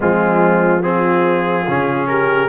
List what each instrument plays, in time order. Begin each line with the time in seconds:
0.00 tuba F3, trombone G#3, horn C4, trumpet F4
0.82 trombone C4, horn F4, trumpet G#4
1.67 tuba C#3, trombone C#4
2.07 horn G4, trumpet A#4